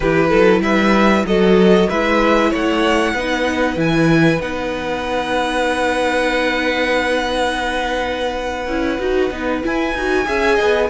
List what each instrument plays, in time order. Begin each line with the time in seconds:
0.00 cello E3, viola E4, violin G4 B4
0.29 cello F#3, violin A4
0.60 cello G3, violin B4 E5
1.24 cello F#3, viola F#4, violin A4 D#5
1.89 cello G#3, viola E4, violin B4 E5
2.50 cello A3, violin C#5 F#5
3.13 cello B3, viola D#4, violin B4
3.76 cello E3, viola E4, violin G#5
4.40 cello B3, viola D#4, violin F#5
8.66 cello C#4, viola E4
8.99 cello D#4, viola F#4
9.31 cello B3, viola D#4
9.62 viola E4, cello E4, violin G#5
9.94 cello D#4, viola F#4
10.25 cello C#4, viola G#4, violin E5
10.55 violin D#5
10.61 cello B3